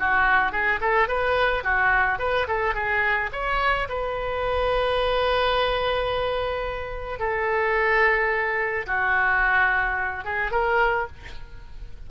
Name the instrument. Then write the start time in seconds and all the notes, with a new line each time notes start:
oboe
0.00 F#4
0.52 G#4
0.81 A4
1.09 B4
1.64 F#4
2.19 B4
2.48 A4
2.75 G#4
3.33 C#5
3.89 B4
7.20 A4
8.87 F#4
10.25 G#4
10.52 A#4